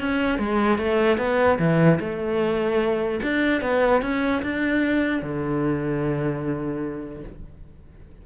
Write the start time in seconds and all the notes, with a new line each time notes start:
0.00 C#4
0.38 G#3
0.78 A3
1.18 B3
1.59 E3
2.00 A3
3.22 D4
3.61 B3
4.02 C#4
4.42 D4
5.22 D3